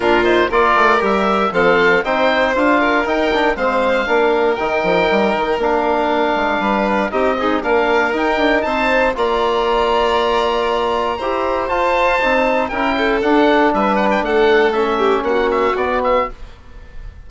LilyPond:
<<
  \new Staff \with { instrumentName = "oboe" } { \time 4/4 \tempo 4 = 118 ais'8 c''8 d''4 e''4 f''4 | g''4 f''4 g''4 f''4~ | f''4 g''2 f''4~ | f''2 dis''4 f''4 |
g''4 a''4 ais''2~ | ais''2. a''4~ | a''4 g''4 fis''4 e''8 fis''16 g''16 | fis''4 e''4 fis''8 e''8 d''8 e''8 | }
  \new Staff \with { instrumentName = "violin" } { \time 4/4 f'4 ais'2 a'4 | c''4. ais'4. c''4 | ais'1~ | ais'4 b'4 g'8 dis'8 ais'4~ |
ais'4 c''4 d''2~ | d''2 c''2~ | c''4 ais'8 a'4. b'4 | a'4. g'8 fis'2 | }
  \new Staff \with { instrumentName = "trombone" } { \time 4/4 d'8 dis'8 f'4 g'4 c'4 | dis'4 f'4 dis'8 d'8 c'4 | d'4 dis'2 d'4~ | d'2 dis'8 gis'8 d'4 |
dis'2 f'2~ | f'2 g'4 f'4 | dis'4 e'4 d'2~ | d'4 cis'2 b4 | }
  \new Staff \with { instrumentName = "bassoon" } { \time 4/4 ais,4 ais8 a8 g4 f4 | c'4 d'4 dis'4 gis4 | ais4 dis8 f8 g8 dis8 ais4~ | ais8 gis8 g4 c'4 ais4 |
dis'8 d'8 c'4 ais2~ | ais2 e'4 f'4 | c'4 cis'4 d'4 g4 | a2 ais4 b4 | }
>>